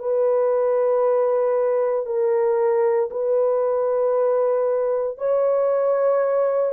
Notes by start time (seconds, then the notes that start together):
0.00 B4
2.06 A#4
3.11 B4
5.18 C#5